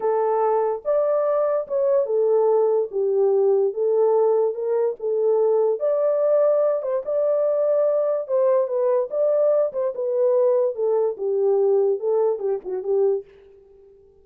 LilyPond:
\new Staff \with { instrumentName = "horn" } { \time 4/4 \tempo 4 = 145 a'2 d''2 | cis''4 a'2 g'4~ | g'4 a'2 ais'4 | a'2 d''2~ |
d''8 c''8 d''2. | c''4 b'4 d''4. c''8 | b'2 a'4 g'4~ | g'4 a'4 g'8 fis'8 g'4 | }